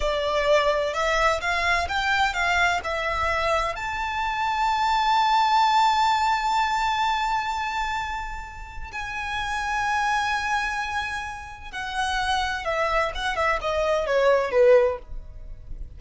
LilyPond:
\new Staff \with { instrumentName = "violin" } { \time 4/4 \tempo 4 = 128 d''2 e''4 f''4 | g''4 f''4 e''2 | a''1~ | a''1~ |
a''2. gis''4~ | gis''1~ | gis''4 fis''2 e''4 | fis''8 e''8 dis''4 cis''4 b'4 | }